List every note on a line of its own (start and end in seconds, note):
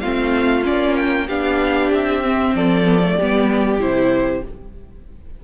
0.00 0.67 A3
0.00 0.64 C4
0.00 1.26 F4
0.00 0.63 F5
0.64 1.29 A#3
0.64 1.27 C#4
0.64 0.96 D5
0.96 1.28 G5
1.26 1.91 B3
1.26 2.24 D4
1.26 2.52 G4
1.26 1.92 F5
1.91 2.54 C4
1.91 2.56 E5
2.24 2.85 C4
2.55 3.18 F3
2.55 3.17 A4
2.55 3.81 D5
2.85 3.01 B3
3.04 3.20 A3
3.17 3.79 G3
3.17 3.80 B3
3.17 4.43 G4
3.79 4.42 C3
3.79 4.43 E4
3.79 4.44 C5